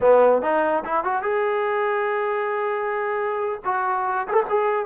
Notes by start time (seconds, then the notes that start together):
0.00 B3
0.42 D#4
0.85 E4
1.04 F#4
1.22 G#4
3.65 F#4
4.28 G#4 A4
4.49 G#4